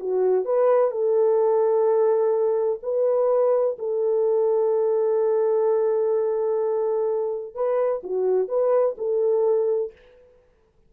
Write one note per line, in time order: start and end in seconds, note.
0.00 0.45 F#4
0.45 0.91 B4
0.91 2.80 A4
2.83 3.77 B4
3.79 7.55 A4
7.55 8.02 B4
8.04 8.49 F#4
8.49 8.96 B4
8.98 9.92 A4